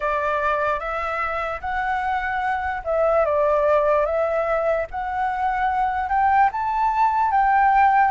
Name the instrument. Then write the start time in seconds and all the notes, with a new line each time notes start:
flute
0.00 D5
0.79 E5
1.60 F#5
2.84 E5
3.25 D5
4.05 E5
4.90 F#5
6.09 G5
6.52 A5
7.31 G5